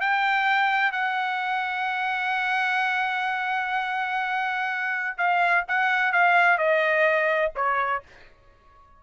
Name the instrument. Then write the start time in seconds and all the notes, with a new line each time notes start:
trumpet
0.00 G5
0.92 F#5
5.17 F5
5.68 F#5
6.12 F5
6.58 D#5
7.55 C#5